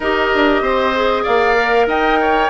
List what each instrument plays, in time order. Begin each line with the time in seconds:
0.00 bassoon D#4, clarinet G4, oboe A#4, flute D#5
0.34 bassoon D4
0.61 bassoon C4, oboe C5
0.95 clarinet G#4
1.23 bassoon A#3, oboe D5, flute F5
1.56 clarinet A#4
1.87 bassoon D#4, oboe D#5, flute G5
2.20 oboe C#5